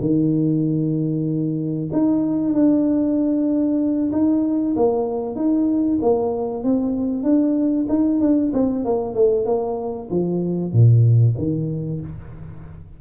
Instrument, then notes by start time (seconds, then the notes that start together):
tuba
0.00 D#3
1.92 D#4
2.53 D4
4.12 D#4
4.76 A#3
5.35 D#4
6.01 A#3
6.63 C4
7.23 D4
7.88 D#4
8.20 D4
8.53 C4
8.85 A#3
9.14 A3
9.45 A#3
10.10 F3
10.72 A#2
11.37 D#3